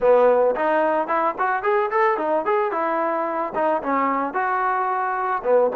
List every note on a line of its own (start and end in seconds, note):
0.00 0.55 B3
0.55 1.07 D#4
1.07 1.35 E4
1.38 1.62 F#4
1.62 1.90 G#4
1.90 2.17 A4
2.17 2.45 D#4
2.45 2.71 G#4
2.71 3.53 E4
3.55 3.82 D#4
3.82 4.33 C#4
4.33 5.42 F#4
5.43 5.70 B3